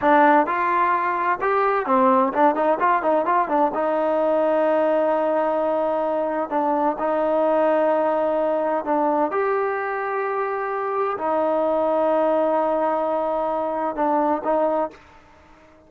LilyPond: \new Staff \with { instrumentName = "trombone" } { \time 4/4 \tempo 4 = 129 d'4 f'2 g'4 | c'4 d'8 dis'8 f'8 dis'8 f'8 d'8 | dis'1~ | dis'2 d'4 dis'4~ |
dis'2. d'4 | g'1 | dis'1~ | dis'2 d'4 dis'4 | }